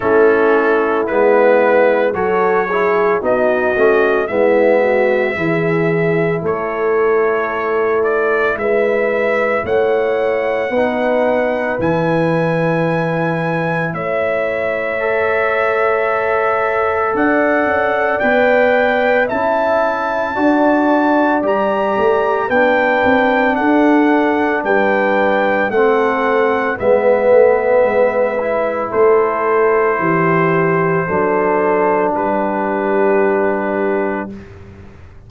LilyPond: <<
  \new Staff \with { instrumentName = "trumpet" } { \time 4/4 \tempo 4 = 56 a'4 b'4 cis''4 dis''4 | e''2 cis''4. d''8 | e''4 fis''2 gis''4~ | gis''4 e''2. |
fis''4 g''4 a''2 | ais''4 g''4 fis''4 g''4 | fis''4 e''2 c''4~ | c''2 b'2 | }
  \new Staff \with { instrumentName = "horn" } { \time 4/4 e'2 a'8 gis'8 fis'4 | e'8 fis'8 gis'4 a'2 | b'4 cis''4 b'2~ | b'4 cis''2. |
d''2 e''4 d''4~ | d''4 b'4 a'4 b'4 | a'4 b'2 a'4 | g'4 a'4 g'2 | }
  \new Staff \with { instrumentName = "trombone" } { \time 4/4 cis'4 b4 fis'8 e'8 dis'8 cis'8 | b4 e'2.~ | e'2 dis'4 e'4~ | e'2 a'2~ |
a'4 b'4 e'4 fis'4 | g'4 d'2. | c'4 b4. e'4.~ | e'4 d'2. | }
  \new Staff \with { instrumentName = "tuba" } { \time 4/4 a4 gis4 fis4 b8 a8 | gis4 e4 a2 | gis4 a4 b4 e4~ | e4 a2. |
d'8 cis'8 b4 cis'4 d'4 | g8 a8 b8 c'8 d'4 g4 | a4 gis8 a8 gis4 a4 | e4 fis4 g2 | }
>>